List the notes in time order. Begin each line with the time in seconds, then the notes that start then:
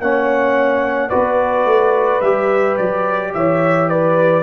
0.00 A#3 C#4 C#5 F#5
1.09 B3 F#4 B4 D5
1.65 A3
2.21 G3 G4 E5
2.77 F#3 D5
3.34 E3 C#5 E5
3.89 B4 D5